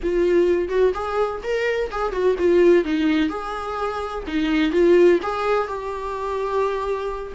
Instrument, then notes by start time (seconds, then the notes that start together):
viola
0.02 F4
0.69 F#4
0.93 G#4
1.43 A#4
1.91 G#4
2.12 F#4
2.38 F4
2.84 D#4
3.29 G#4
4.27 D#4
4.71 F4
5.22 G#4
5.67 G4